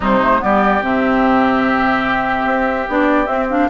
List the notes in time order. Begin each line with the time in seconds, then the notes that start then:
0.00 C3 G3 D#4 C5
0.21 A3
0.39 G3 B3 G4 D5
0.81 C3 C4 E5
2.44 C4
2.88 B3 D4 D5
3.26 C4 E5
3.49 D4 F5